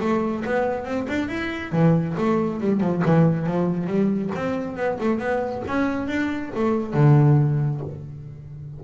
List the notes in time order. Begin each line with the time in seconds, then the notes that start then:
0.00 A3
0.45 B3
0.85 C4
1.08 D4
1.28 E4
1.72 E3
2.18 A3
2.60 G3
2.80 F3
3.05 E3
3.46 F3
3.87 G3
4.35 C4
4.76 B3
5.00 A3
5.19 B3
5.68 C#4
6.08 D4
6.55 A3
6.94 D3